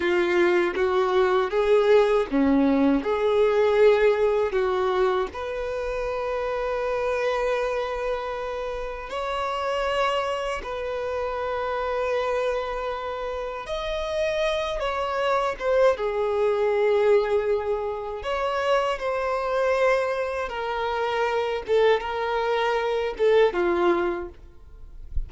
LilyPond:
\new Staff \with { instrumentName = "violin" } { \time 4/4 \tempo 4 = 79 f'4 fis'4 gis'4 cis'4 | gis'2 fis'4 b'4~ | b'1 | cis''2 b'2~ |
b'2 dis''4. cis''8~ | cis''8 c''8 gis'2. | cis''4 c''2 ais'4~ | ais'8 a'8 ais'4. a'8 f'4 | }